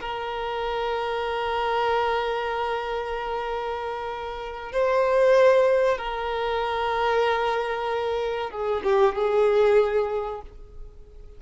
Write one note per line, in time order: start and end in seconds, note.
0.00 4.72 A#4
4.72 5.98 C5
5.98 8.50 A#4
8.51 8.82 G#4
8.83 9.15 G4
9.15 10.42 G#4